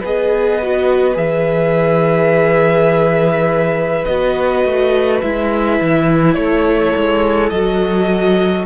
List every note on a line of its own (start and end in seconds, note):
0.00 1.16 B3
0.00 0.62 G#4
0.00 6.35 B4
0.00 1.17 D#5
0.62 1.14 F#4
1.14 4.05 E3
1.14 4.02 G#4
1.14 4.05 E5
4.05 4.65 B3
4.05 5.23 F#4
4.05 5.20 D#5
4.65 5.22 A3
5.21 5.81 G#3
5.21 7.54 E4
5.21 6.34 E5
5.81 6.37 E3
6.34 6.94 A3
6.34 8.66 A4
6.34 7.50 C#5
6.96 7.51 G#3
7.50 8.66 F#3
7.50 8.65 D#5
7.56 8.66 F#4